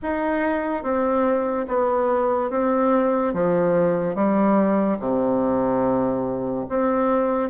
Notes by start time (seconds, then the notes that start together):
0.02 D#4
0.83 C4
1.68 B3
2.50 C4
3.33 F3
4.15 G3
4.99 C3
6.69 C4